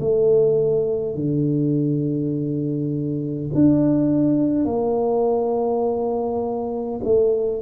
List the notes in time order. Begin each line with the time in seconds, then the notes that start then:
0.00 A3
1.15 D3
3.55 D4
4.65 A#3
7.04 A3